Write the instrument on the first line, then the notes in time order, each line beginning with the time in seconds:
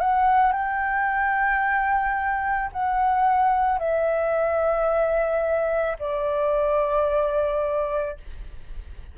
flute
0.00 F#5
0.52 G5
2.72 F#5
3.78 E5
5.99 D5